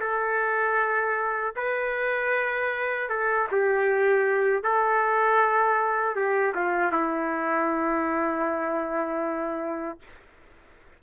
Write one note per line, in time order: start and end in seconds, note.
0.00 1.54 A4
1.56 3.09 B4
3.09 3.48 A4
3.51 4.63 G4
4.63 6.15 A4
6.15 6.54 G4
6.55 6.92 F4
6.92 10.00 E4